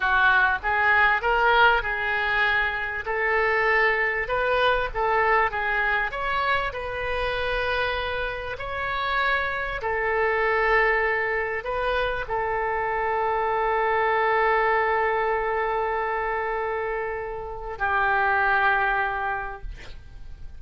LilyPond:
\new Staff \with { instrumentName = "oboe" } { \time 4/4 \tempo 4 = 98 fis'4 gis'4 ais'4 gis'4~ | gis'4 a'2 b'4 | a'4 gis'4 cis''4 b'4~ | b'2 cis''2 |
a'2. b'4 | a'1~ | a'1~ | a'4 g'2. | }